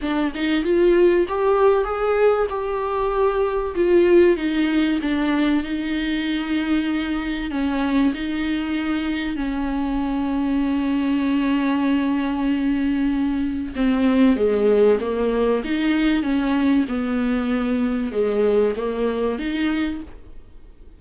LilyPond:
\new Staff \with { instrumentName = "viola" } { \time 4/4 \tempo 4 = 96 d'8 dis'8 f'4 g'4 gis'4 | g'2 f'4 dis'4 | d'4 dis'2. | cis'4 dis'2 cis'4~ |
cis'1~ | cis'2 c'4 gis4 | ais4 dis'4 cis'4 b4~ | b4 gis4 ais4 dis'4 | }